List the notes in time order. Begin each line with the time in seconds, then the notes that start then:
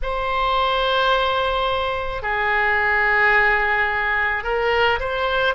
0.02 C5
2.22 G#4
4.43 A#4
4.99 C5